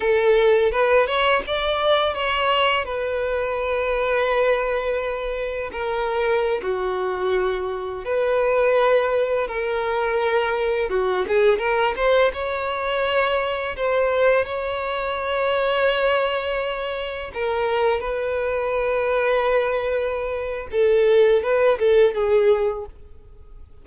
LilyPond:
\new Staff \with { instrumentName = "violin" } { \time 4/4 \tempo 4 = 84 a'4 b'8 cis''8 d''4 cis''4 | b'1 | ais'4~ ais'16 fis'2 b'8.~ | b'4~ b'16 ais'2 fis'8 gis'16~ |
gis'16 ais'8 c''8 cis''2 c''8.~ | c''16 cis''2.~ cis''8.~ | cis''16 ais'4 b'2~ b'8.~ | b'4 a'4 b'8 a'8 gis'4 | }